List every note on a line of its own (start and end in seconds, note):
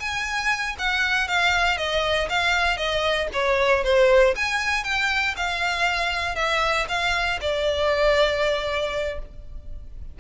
0.00 0.76 G#5
0.79 1.28 F#5
1.28 1.78 F5
1.78 2.29 D#5
2.30 2.77 F5
2.77 3.28 D#5
3.34 3.84 C#5
3.84 4.35 C5
4.36 4.84 G#5
4.84 5.35 G5
5.37 6.36 F5
6.36 6.87 E5
6.89 7.40 F5
7.41 9.19 D5